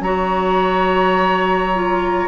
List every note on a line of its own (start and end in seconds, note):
0.00 2.26 F#3
0.00 1.74 F#4
0.00 2.27 C#5
0.00 2.27 A#5
1.74 2.27 F4